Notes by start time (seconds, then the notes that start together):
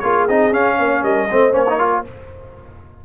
0.00 A#3 F4 G#4 C#5
0.29 C4 D#4 D#5
0.52 C#4 F5
0.78 A#3 C#5
1.03 G3 A#4 D#5
1.31 A3 C4 C5
1.52 A#3 C#4 C#5
1.70 D#4
1.78 F4 A#4